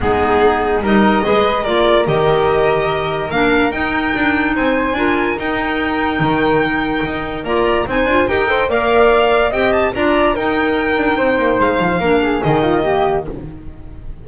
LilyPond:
<<
  \new Staff \with { instrumentName = "violin" } { \time 4/4 \tempo 4 = 145 gis'2 dis''2 | d''4 dis''2. | f''4 g''2 gis''4~ | gis''4 g''2.~ |
g''2 ais''4 gis''4 | g''4 f''2 g''8 a''8 | ais''4 g''2. | f''2 dis''2 | }
  \new Staff \with { instrumentName = "flute" } { \time 4/4 dis'2 ais'4 b'4 | ais'1~ | ais'2. c''4 | ais'1~ |
ais'2 d''4 c''4 | ais'8 c''8 d''2 dis''4 | d''4 ais'2 c''4~ | c''4 ais'8 gis'4 f'8 g'4 | }
  \new Staff \with { instrumentName = "clarinet" } { \time 4/4 b2 dis'4 gis'4 | f'4 g'2. | d'4 dis'2. | f'4 dis'2.~ |
dis'2 f'4 dis'8 f'8 | g'8 a'8 ais'2 g'4 | f'4 dis'2.~ | dis'4 d'4 dis'4 ais4 | }
  \new Staff \with { instrumentName = "double bass" } { \time 4/4 gis2 g4 gis4 | ais4 dis2. | ais4 dis'4 d'4 c'4 | d'4 dis'2 dis4~ |
dis4 dis'4 ais4 c'8 d'8 | dis'4 ais2 c'4 | d'4 dis'4. d'8 c'8 ais8 | gis8 f8 ais4 dis2 | }
>>